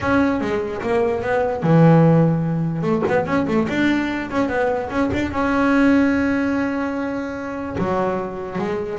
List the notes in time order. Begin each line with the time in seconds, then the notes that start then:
0.01 C#4
0.41 G#3
0.82 A#3
1.22 B3
1.62 E3
2.82 A3
3.08 B3
3.26 C#4
3.47 A3
3.68 D4
4.30 C#4
4.49 B3
4.90 C#4
5.13 D4
5.31 C#4
7.78 F#3
8.58 G#3